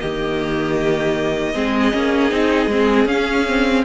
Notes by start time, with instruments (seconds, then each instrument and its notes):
0.00 cello D#3, viola A#3, violin G4 D#5
1.54 cello G#3, viola C4, violin G#4
1.93 cello A#3, viola C#4
2.30 cello C4, viola D#4
2.67 cello G#3, viola C4
3.06 cello C#4, viola C#4, violin F5
3.47 viola C4